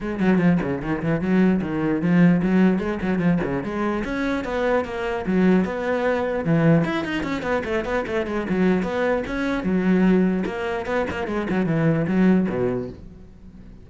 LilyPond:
\new Staff \with { instrumentName = "cello" } { \time 4/4 \tempo 4 = 149 gis8 fis8 f8 cis8 dis8 e8 fis4 | dis4 f4 fis4 gis8 fis8 | f8 cis8 gis4 cis'4 b4 | ais4 fis4 b2 |
e4 e'8 dis'8 cis'8 b8 a8 b8 | a8 gis8 fis4 b4 cis'4 | fis2 ais4 b8 ais8 | gis8 fis8 e4 fis4 b,4 | }